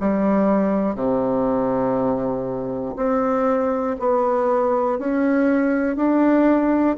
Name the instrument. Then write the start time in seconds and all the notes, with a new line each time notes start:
bassoon
0.00 G3
0.95 C3
2.96 C4
4.00 B3
4.98 C#4
5.96 D4